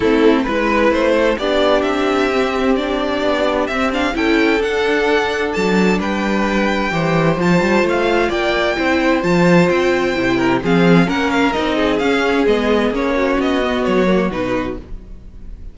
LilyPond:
<<
  \new Staff \with { instrumentName = "violin" } { \time 4/4 \tempo 4 = 130 a'4 b'4 c''4 d''4 | e''2 d''2 | e''8 f''8 g''4 fis''2 | a''4 g''2. |
a''4 f''4 g''2 | a''4 g''2 f''4 | fis''8 f''8 dis''4 f''4 dis''4 | cis''4 dis''4 cis''4 b'4 | }
  \new Staff \with { instrumentName = "violin" } { \time 4/4 e'4 b'4. a'8 g'4~ | g'1~ | g'4 a'2.~ | a'4 b'2 c''4~ |
c''2 d''4 c''4~ | c''2~ c''8 ais'8 gis'4 | ais'4. gis'2~ gis'8~ | gis'8 fis'2.~ fis'8 | }
  \new Staff \with { instrumentName = "viola" } { \time 4/4 c'4 e'2 d'4~ | d'4 c'4 d'2 | c'8 d'8 e'4 d'2~ | d'2. g'4 |
f'2. e'4 | f'2 e'4 c'4 | cis'4 dis'4 cis'4 b4 | cis'4. b4 ais8 dis'4 | }
  \new Staff \with { instrumentName = "cello" } { \time 4/4 a4 gis4 a4 b4 | c'2. b4 | c'4 cis'4 d'2 | fis4 g2 e4 |
f8 g8 a4 ais4 c'4 | f4 c'4 c4 f4 | ais4 c'4 cis'4 gis4 | ais4 b4 fis4 b,4 | }
>>